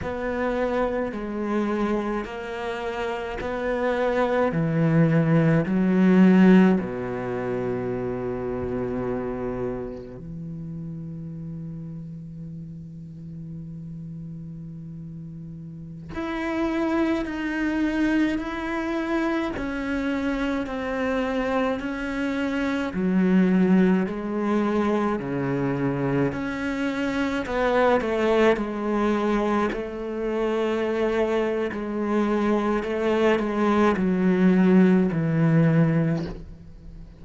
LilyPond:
\new Staff \with { instrumentName = "cello" } { \time 4/4 \tempo 4 = 53 b4 gis4 ais4 b4 | e4 fis4 b,2~ | b,4 e2.~ | e2~ e16 e'4 dis'8.~ |
dis'16 e'4 cis'4 c'4 cis'8.~ | cis'16 fis4 gis4 cis4 cis'8.~ | cis'16 b8 a8 gis4 a4.~ a16 | gis4 a8 gis8 fis4 e4 | }